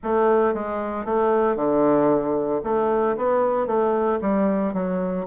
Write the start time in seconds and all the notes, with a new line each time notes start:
0.03 A3
0.54 G#3
1.05 A3
1.56 D3
2.63 A3
3.16 B3
3.66 A3
4.21 G3
4.73 F#3